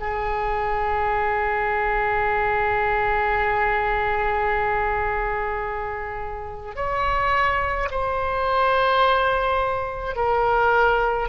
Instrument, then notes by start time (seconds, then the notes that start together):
oboe
0.00 G#4
6.76 C#5
7.91 C5
10.16 A#4